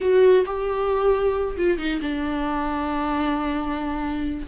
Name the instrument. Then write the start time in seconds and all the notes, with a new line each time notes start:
viola
0.01 F#4
0.45 G4
1.57 F4
1.78 D#4
2.01 D4